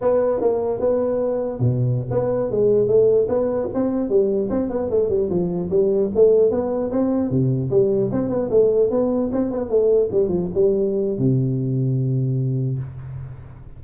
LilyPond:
\new Staff \with { instrumentName = "tuba" } { \time 4/4 \tempo 4 = 150 b4 ais4 b2 | b,4~ b,16 b4 gis4 a8.~ | a16 b4 c'4 g4 c'8 b16~ | b16 a8 g8 f4 g4 a8.~ |
a16 b4 c'4 c4 g8.~ | g16 c'8 b8 a4 b4 c'8 b16~ | b16 a4 g8 f8 g4.~ g16 | c1 | }